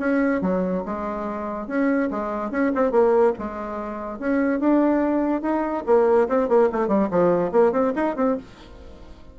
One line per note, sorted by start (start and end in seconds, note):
0.00 0.42 C#4
0.42 0.84 F#3
0.86 1.68 G#3
1.68 2.10 C#4
2.11 2.51 G#3
2.51 2.72 C#4
2.76 2.92 C4
2.92 3.34 A#3
3.39 4.20 G#3
4.20 4.61 C#4
4.61 5.42 D4
5.42 5.84 D#4
5.87 6.29 A#3
6.29 6.49 C4
6.49 6.70 A#3
6.73 6.88 A3
6.88 7.09 G3
7.11 7.52 F3
7.52 7.73 A#3
7.73 7.94 C4
7.96 8.17 D#4
8.17 8.38 C4